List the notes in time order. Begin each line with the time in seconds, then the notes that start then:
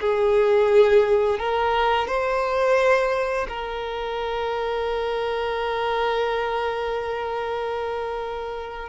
0.00 G#4
1.39 A#4
2.07 C5
3.49 A#4